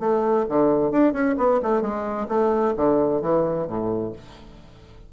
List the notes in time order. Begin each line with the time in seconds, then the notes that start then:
0.00 A3
0.49 D3
0.92 D4
1.13 C#4
1.38 B3
1.63 A3
1.82 G#3
2.29 A3
2.77 D3
3.22 E3
3.68 A2